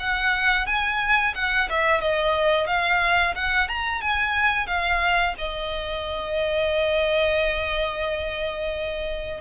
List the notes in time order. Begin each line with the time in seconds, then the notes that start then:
0.00 F#5
0.67 G#5
1.35 F#5
1.70 E5
2.01 D#5
2.67 F5
3.35 F#5
3.69 A#5
4.01 G#5
4.67 F5
5.38 D#5